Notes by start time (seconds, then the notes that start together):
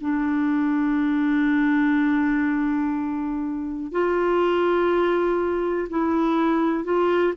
0.00 D4
3.91 F4
5.89 E4
6.84 F4